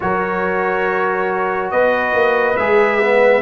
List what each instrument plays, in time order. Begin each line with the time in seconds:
0.00 tuba F#3, trombone F#4, horn A#4, trumpet C#5
1.71 tuba B3, horn B4, trumpet D#5
2.14 tuba A#3
2.56 tuba G#3, trombone G#4, trumpet E5
3.01 trombone B3